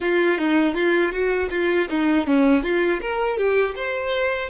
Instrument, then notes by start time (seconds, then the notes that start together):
violin
0.00 F4
0.38 D#4
0.74 F4
1.11 F#4
1.50 F4
1.89 D#4
2.26 C#4
2.62 F4
3.01 A#4
3.37 G4
3.76 C5